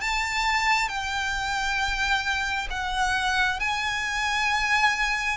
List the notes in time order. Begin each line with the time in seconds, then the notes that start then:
0.00 A5
0.88 G5
2.70 F#5
3.59 G#5